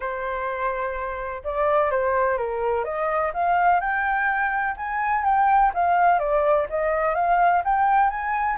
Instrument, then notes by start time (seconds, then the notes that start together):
flute
0.00 C5
1.44 D5
1.90 C5
2.37 A#4
2.84 D#5
3.33 F5
3.80 G5
4.76 G#5
5.24 G5
5.74 F5
6.19 D5
6.69 D#5
7.15 F5
7.64 G5
8.10 G#5